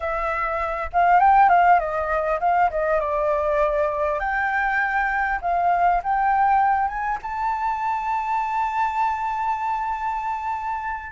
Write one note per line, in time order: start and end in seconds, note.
0.00 0.89 E5
0.92 1.20 F5
1.20 1.49 G5
1.49 1.79 F5
1.79 2.39 D#5
2.40 2.70 F5
2.70 3.00 D#5
3.00 4.19 D5
4.19 5.39 G5
5.41 6.01 F5
6.03 6.88 G5
6.88 7.18 G#5
7.22 11.12 A5